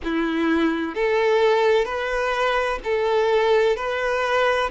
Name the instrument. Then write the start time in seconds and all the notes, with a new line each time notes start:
violin
0.03 E4
0.94 A4
1.85 B4
2.84 A4
3.76 B4